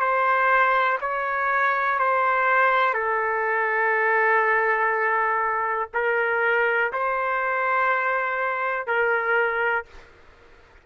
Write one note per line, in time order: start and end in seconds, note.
0.00 0.98 C5
1.01 1.99 C#5
1.99 2.94 C5
2.94 5.90 A4
5.95 6.93 A#4
6.93 8.87 C5
8.87 9.86 A#4